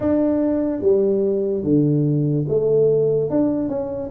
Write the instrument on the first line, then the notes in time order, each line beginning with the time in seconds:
tuba
0.00 D4
0.81 G3
1.63 D3
2.47 A3
3.30 D4
3.68 C#4